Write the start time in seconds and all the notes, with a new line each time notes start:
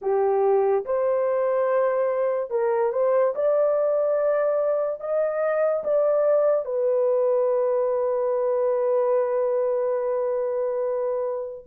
0.01 G4
0.85 C5
2.50 A#4
2.92 C5
3.35 D5
5.00 D#5
5.83 D5
6.65 B4